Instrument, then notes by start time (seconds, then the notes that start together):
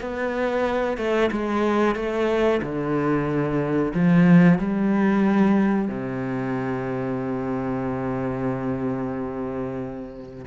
cello
0.00 B3
0.97 A3
1.31 G#3
1.95 A3
2.62 D3
3.94 F3
4.58 G3
5.88 C3